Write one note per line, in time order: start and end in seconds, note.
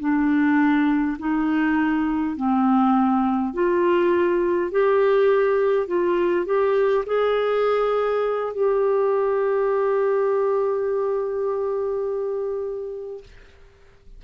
0.00 1.18 D4
1.19 2.37 D#4
2.37 3.54 C4
3.54 4.72 F4
4.72 5.88 G4
5.88 6.46 F4
6.46 7.05 G4
7.06 8.53 G#4
8.53 13.24 G4